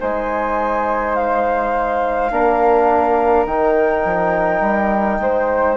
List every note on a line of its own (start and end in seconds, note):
0.00 2.31 G#3
0.00 2.31 D#4
0.00 2.31 C5
0.00 1.15 G#5
1.15 3.45 F5
2.31 3.45 A#3
2.31 3.47 D4
2.31 5.20 A#4
3.45 4.03 D#3
3.45 5.77 D#4
3.45 5.77 G5
4.04 4.61 F3
4.61 5.18 G3
5.19 5.77 G#3
5.19 5.77 C5